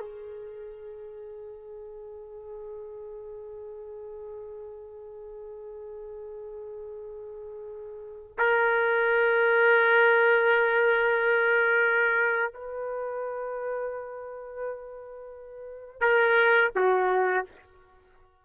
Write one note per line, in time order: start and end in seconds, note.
0.00 8.37 G#4
8.38 12.53 A#4
12.53 16.01 B4
16.01 16.71 A#4
16.76 17.45 F#4